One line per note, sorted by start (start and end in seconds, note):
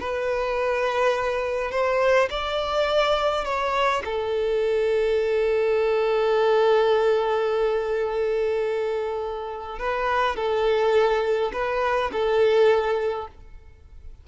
0.00 1.71 B4
1.71 2.29 C5
2.30 3.45 D5
3.45 4.03 C#5
4.05 9.79 A4
9.79 10.36 B4
10.36 11.51 A4
11.53 12.10 B4
12.12 13.28 A4